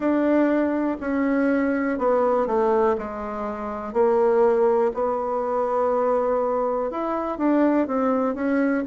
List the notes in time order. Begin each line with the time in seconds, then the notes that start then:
0.00 D4
1.00 C#4
1.98 B3
2.46 A3
2.98 G#3
3.93 A#3
4.94 B3
6.90 E4
7.38 D4
7.87 C4
8.34 C#4